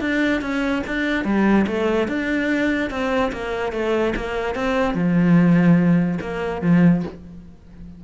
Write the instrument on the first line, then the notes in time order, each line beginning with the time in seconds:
cello
0.00 D4
0.41 C#4
0.87 D4
1.24 G3
1.67 A3
2.08 D4
2.90 C4
3.32 A#3
3.72 A3
4.16 A#3
4.55 C4
4.94 F3
6.21 A#3
6.62 F3